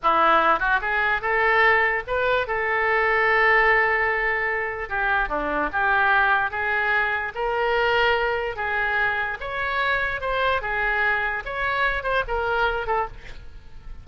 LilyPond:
\new Staff \with { instrumentName = "oboe" } { \time 4/4 \tempo 4 = 147 e'4. fis'8 gis'4 a'4~ | a'4 b'4 a'2~ | a'1 | g'4 d'4 g'2 |
gis'2 ais'2~ | ais'4 gis'2 cis''4~ | cis''4 c''4 gis'2 | cis''4. c''8 ais'4. a'8 | }